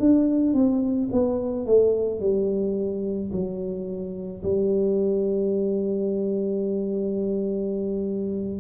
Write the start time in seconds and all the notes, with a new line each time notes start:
0.00 D4
0.54 C4
1.12 B3
1.66 A3
2.20 G3
3.32 F#3
4.43 G3